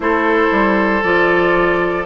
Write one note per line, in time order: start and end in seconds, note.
0.00 0.48 A3
0.00 1.01 E4
0.00 2.05 A4
0.00 1.02 C5
0.51 1.02 G3
1.02 2.05 F3
1.02 2.05 F4
1.02 2.05 D5